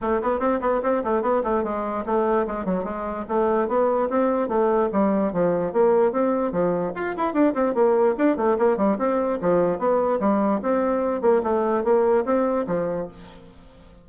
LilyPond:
\new Staff \with { instrumentName = "bassoon" } { \time 4/4 \tempo 4 = 147 a8 b8 c'8 b8 c'8 a8 b8 a8 | gis4 a4 gis8 fis8 gis4 | a4 b4 c'4 a4 | g4 f4 ais4 c'4 |
f4 f'8 e'8 d'8 c'8 ais4 | d'8 a8 ais8 g8 c'4 f4 | b4 g4 c'4. ais8 | a4 ais4 c'4 f4 | }